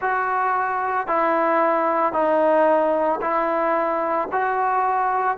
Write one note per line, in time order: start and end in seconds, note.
0.00 1.07 F#4
1.07 2.12 E4
2.12 3.19 D#4
3.21 4.28 E4
4.31 5.37 F#4